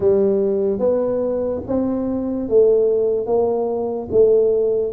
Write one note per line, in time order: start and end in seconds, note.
0.00 0.79 G3
0.79 1.61 B3
1.67 2.48 C4
2.48 3.26 A3
3.26 4.08 A#3
4.11 4.92 A3